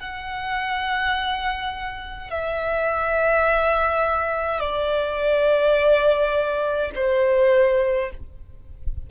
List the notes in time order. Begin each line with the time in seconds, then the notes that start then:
0.00 F#5
2.31 E5
4.60 D5
6.95 C5